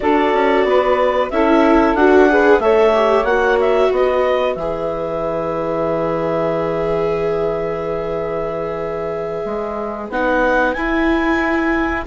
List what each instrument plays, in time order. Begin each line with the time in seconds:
0.00 bassoon D4, viola F#4, saxophone A4, clarinet D5
0.33 bassoon C#4
0.64 bassoon B3, saxophone B4
1.30 bassoon C#4, viola E4, saxophone A4, clarinet E5
1.94 bassoon D4, viola F#4, clarinet F#5
2.28 viola G#4, saxophone B4
2.59 bassoon A3, viola A4, saxophone C#5, clarinet E5
2.94 viola G4
3.24 bassoon A#3, viola F#4, clarinet F#5
3.60 clarinet E5
3.89 bassoon B3, saxophone B4, clarinet D#5
4.54 bassoon E3, viola G#4, clarinet E5
9.45 bassoon G#3
10.09 bassoon B3, viola D#4, clarinet F#5
10.73 viola E4, bassoon E4, clarinet G#5